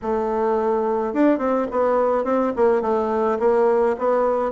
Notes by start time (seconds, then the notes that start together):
0.02 A3
1.13 D4
1.38 C4
1.71 B3
2.24 C4
2.55 A#3
2.81 A3
3.39 A#3
3.98 B3